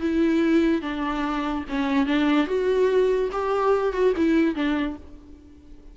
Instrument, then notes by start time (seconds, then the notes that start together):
viola
0.00 E4
0.82 D4
1.69 C#4
2.06 D4
2.47 F#4
3.32 G4
3.93 F#4
4.16 E4
4.55 D4